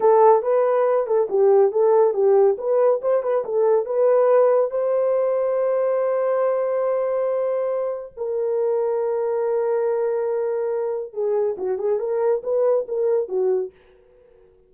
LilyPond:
\new Staff \with { instrumentName = "horn" } { \time 4/4 \tempo 4 = 140 a'4 b'4. a'8 g'4 | a'4 g'4 b'4 c''8 b'8 | a'4 b'2 c''4~ | c''1~ |
c''2. ais'4~ | ais'1~ | ais'2 gis'4 fis'8 gis'8 | ais'4 b'4 ais'4 fis'4 | }